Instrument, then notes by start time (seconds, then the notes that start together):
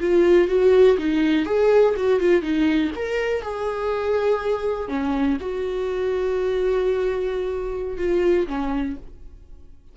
viola
0.00 F4
0.48 F#4
0.98 D#4
1.45 G#4
1.96 F#4
2.20 F4
2.42 D#4
2.96 A#4
3.42 G#4
4.88 C#4
5.40 F#4
7.98 F4
8.47 C#4